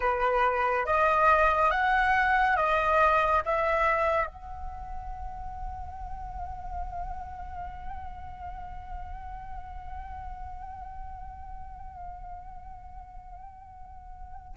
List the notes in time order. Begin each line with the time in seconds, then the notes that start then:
0.00 B4
0.85 D#5
1.70 F#5
2.56 D#5
3.45 E5
4.26 F#5